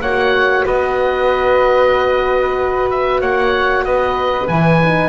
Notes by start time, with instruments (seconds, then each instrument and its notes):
0.00 double bass A#3, horn F#4, flute C#5, oboe F#5
0.65 double bass B3, flute B4, oboe D#5
2.90 oboe E5
3.20 double bass A#3, flute C#5, oboe F#5
3.84 double bass B3, flute B4, oboe D#5
4.47 double bass E3, horn E4, oboe G#5
4.84 horn D#4